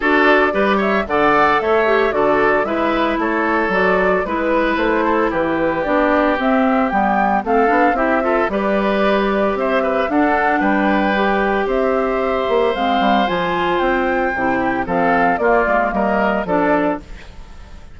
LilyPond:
<<
  \new Staff \with { instrumentName = "flute" } { \time 4/4 \tempo 4 = 113 d''4. e''8 fis''4 e''4 | d''4 e''4 cis''4 d''4 | b'4 c''4 b'4 d''4 | e''4 g''4 f''4 e''4 |
d''2 e''4 fis''4 | g''2 e''2 | f''4 gis''4 g''2 | f''4 d''4 dis''4 d''4 | }
  \new Staff \with { instrumentName = "oboe" } { \time 4/4 a'4 b'8 cis''8 d''4 cis''4 | a'4 b'4 a'2 | b'4. a'8 g'2~ | g'2 a'4 g'8 a'8 |
b'2 c''8 b'8 a'4 | b'2 c''2~ | c''2.~ c''8 g'8 | a'4 f'4 ais'4 a'4 | }
  \new Staff \with { instrumentName = "clarinet" } { \time 4/4 fis'4 g'4 a'4. g'8 | fis'4 e'2 fis'4 | e'2. d'4 | c'4 b4 c'8 d'8 e'8 f'8 |
g'2. d'4~ | d'4 g'2. | c'4 f'2 e'4 | c'4 ais2 d'4 | }
  \new Staff \with { instrumentName = "bassoon" } { \time 4/4 d'4 g4 d4 a4 | d4 gis4 a4 fis4 | gis4 a4 e4 b4 | c'4 g4 a8 b8 c'4 |
g2 c'4 d'4 | g2 c'4. ais8 | gis8 g8 f4 c'4 c4 | f4 ais8 gis8 g4 f4 | }
>>